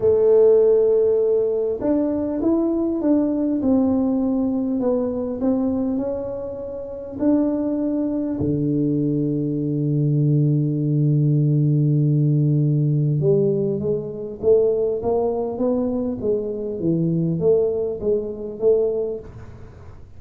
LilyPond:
\new Staff \with { instrumentName = "tuba" } { \time 4/4 \tempo 4 = 100 a2. d'4 | e'4 d'4 c'2 | b4 c'4 cis'2 | d'2 d2~ |
d1~ | d2 g4 gis4 | a4 ais4 b4 gis4 | e4 a4 gis4 a4 | }